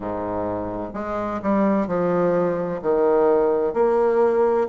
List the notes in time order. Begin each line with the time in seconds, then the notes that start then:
0.00 G#2
0.93 G#3
1.42 G3
1.87 F3
2.81 D#3
3.73 A#3